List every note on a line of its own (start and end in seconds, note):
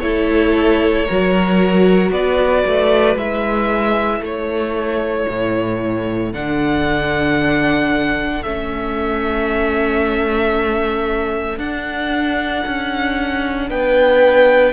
0.00 1.08 A3
0.00 1.07 E4
0.00 1.06 A4
0.00 2.11 C#5
1.06 2.11 F#3
1.06 3.18 F#4
1.06 2.11 A#4
2.11 2.63 B3
2.11 4.21 B4
2.11 3.17 D5
2.67 3.16 A3
3.16 4.20 G#3
3.16 6.34 E4
3.16 4.23 E5
4.20 5.26 A3
4.20 13.69 A4
4.20 6.33 C#5
5.29 6.34 A2
6.33 8.44 D3
6.33 8.44 D4
6.33 8.43 F#5
8.43 11.58 A3
8.43 11.60 C#4
8.43 11.59 E5
11.58 12.63 D4
11.58 14.73 D4
11.58 13.70 F#5
12.66 13.70 C#4
13.70 14.73 B3
13.70 14.73 B4
13.70 14.73 G5